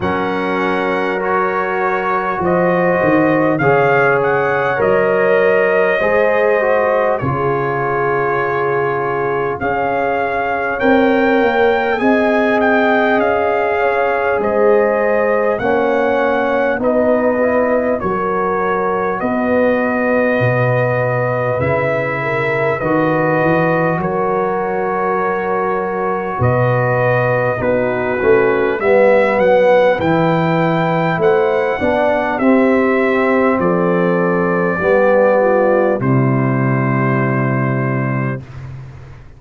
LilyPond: <<
  \new Staff \with { instrumentName = "trumpet" } { \time 4/4 \tempo 4 = 50 fis''4 cis''4 dis''4 f''8 fis''8 | dis''2 cis''2 | f''4 g''4 gis''8 g''8 f''4 | dis''4 fis''4 dis''4 cis''4 |
dis''2 e''4 dis''4 | cis''2 dis''4 b'4 | e''8 fis''8 g''4 fis''4 e''4 | d''2 c''2 | }
  \new Staff \with { instrumentName = "horn" } { \time 4/4 ais'2 c''4 cis''4~ | cis''4 c''4 gis'2 | cis''2 dis''4. cis''8 | c''4 cis''4 b'4 ais'4 |
b'2~ b'8 ais'8 b'4 | ais'2 b'4 fis'4 | b'2 c''8 d''8 g'4 | a'4 g'8 f'8 e'2 | }
  \new Staff \with { instrumentName = "trombone" } { \time 4/4 cis'4 fis'2 gis'4 | ais'4 gis'8 fis'8 f'2 | gis'4 ais'4 gis'2~ | gis'4 cis'4 dis'8 e'8 fis'4~ |
fis'2 e'4 fis'4~ | fis'2. dis'8 cis'8 | b4 e'4. d'8 c'4~ | c'4 b4 g2 | }
  \new Staff \with { instrumentName = "tuba" } { \time 4/4 fis2 f8 dis8 cis4 | fis4 gis4 cis2 | cis'4 c'8 ais8 c'4 cis'4 | gis4 ais4 b4 fis4 |
b4 b,4 cis4 dis8 e8 | fis2 b,4 b8 a8 | g8 fis8 e4 a8 b8 c'4 | f4 g4 c2 | }
>>